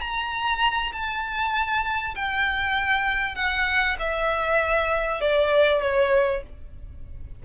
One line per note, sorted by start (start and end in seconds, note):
0.00 0.92 A#5
0.92 2.15 A5
2.15 3.35 G5
3.35 3.96 F#5
3.99 5.20 E5
5.20 5.81 D5
5.81 6.42 C#5